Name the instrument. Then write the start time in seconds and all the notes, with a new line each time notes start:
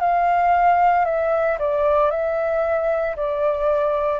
flute
0.00 F5
1.05 E5
1.59 D5
2.11 E5
3.16 D5